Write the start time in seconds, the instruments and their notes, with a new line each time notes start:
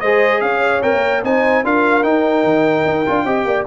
0.00 tuba G#3, trombone G#4, horn C5, trumpet D#5
0.41 tuba C#4, horn C#5, trumpet F5
0.82 tuba C4, trombone A#4, trumpet G5
0.92 tuba A#3
1.23 tuba C4, trombone D#4, horn C5, trumpet G#5
1.63 tuba D4, trombone F4, horn A#4, trumpet F5
2.03 tuba D#4, trombone D#4, trumpet G5
2.43 tuba D#3
2.85 tuba D#4
3.06 tuba D4, trombone F4
3.24 tuba C4, trombone G4, horn D#5
3.45 tuba A#3, horn D5